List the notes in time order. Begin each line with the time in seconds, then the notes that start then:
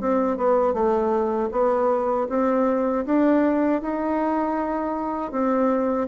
0.00 C4
0.37 B3
0.74 A3
1.52 B3
2.29 C4
3.06 D4
3.81 D#4
5.31 C4